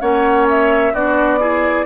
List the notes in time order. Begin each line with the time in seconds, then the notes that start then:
0.00 A#3 C#4 C#5 F#5
0.49 E5
0.93 B3 D4 F#4 D5
1.39 E4 G#4